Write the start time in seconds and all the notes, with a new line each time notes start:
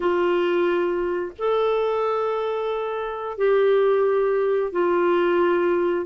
0.00 F4
1.38 A4
3.37 G4
4.72 F4